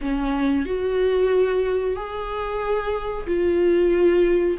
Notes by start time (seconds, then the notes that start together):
0.01 C#4
0.65 F#4
1.96 G#4
3.26 F4